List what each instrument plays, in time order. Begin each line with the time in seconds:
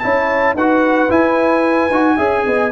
0.00 tuba C#4, trombone E4, horn C#5, trumpet A5
0.54 tuba D#4, trombone F#4, horn B4, trumpet F#5
1.10 trombone E4, tuba E4, trumpet G#5
1.90 tuba D#4, trombone F#4
2.15 tuba C#4, trombone G#4, horn E5
2.45 tuba B3, horn D#5